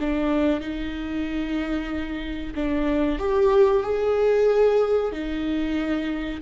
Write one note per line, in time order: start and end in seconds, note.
0.00 0.60 D4
0.60 2.54 D#4
2.55 3.19 D4
3.19 3.83 G4
3.83 5.12 G#4
5.12 6.41 D#4